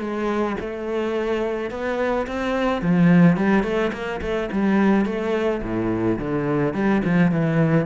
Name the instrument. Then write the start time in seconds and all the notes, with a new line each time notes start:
cello
0.00 G#3
0.60 A3
1.71 B3
2.27 C4
2.82 F3
3.37 G3
3.63 A3
3.93 A#3
4.21 A3
4.52 G3
5.05 A3
5.63 A2
6.19 D3
6.74 G3
7.05 F3
7.31 E3